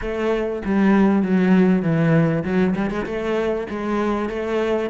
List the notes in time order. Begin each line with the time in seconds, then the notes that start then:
0.01 A3
0.64 G3
1.22 F#3
1.82 E3
2.44 F#3
2.76 G3
2.90 G#3
3.06 A3
3.70 G#3
4.29 A3